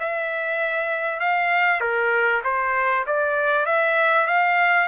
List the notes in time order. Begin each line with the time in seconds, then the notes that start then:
0.00 E5
1.20 F5
1.81 A#4
2.44 C5
3.07 D5
3.66 E5
4.27 F5